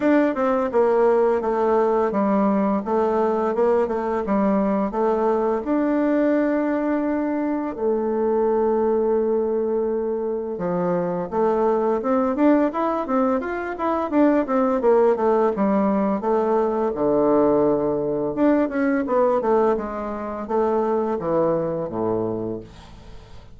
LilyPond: \new Staff \with { instrumentName = "bassoon" } { \time 4/4 \tempo 4 = 85 d'8 c'8 ais4 a4 g4 | a4 ais8 a8 g4 a4 | d'2. a4~ | a2. f4 |
a4 c'8 d'8 e'8 c'8 f'8 e'8 | d'8 c'8 ais8 a8 g4 a4 | d2 d'8 cis'8 b8 a8 | gis4 a4 e4 a,4 | }